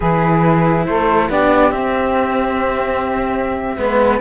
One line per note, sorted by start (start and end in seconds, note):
0.00 0.87 E3
0.00 1.30 E4
0.00 0.85 G#4
0.00 0.85 B4
0.85 1.29 A3
0.85 1.29 A4
0.85 1.28 C5
1.29 1.71 B3
1.29 1.73 D4
1.29 3.77 G4
1.29 1.71 D5
1.71 3.76 C4
1.71 3.77 C4
1.71 4.19 E5
3.77 4.20 G#3
3.77 4.20 B3
3.77 4.20 B4